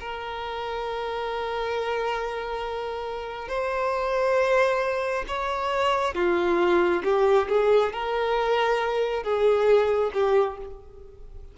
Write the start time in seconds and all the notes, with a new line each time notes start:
0.00 A#4
3.49 C5
5.27 C#5
6.15 F4
7.04 G4
7.49 G#4
7.93 A#4
9.23 G#4
10.14 G4